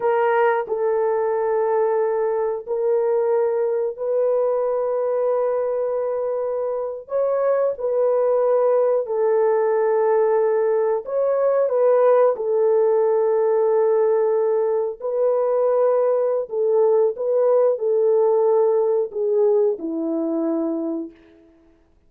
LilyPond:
\new Staff \with { instrumentName = "horn" } { \time 4/4 \tempo 4 = 91 ais'4 a'2. | ais'2 b'2~ | b'2~ b'8. cis''4 b'16~ | b'4.~ b'16 a'2~ a'16~ |
a'8. cis''4 b'4 a'4~ a'16~ | a'2~ a'8. b'4~ b'16~ | b'4 a'4 b'4 a'4~ | a'4 gis'4 e'2 | }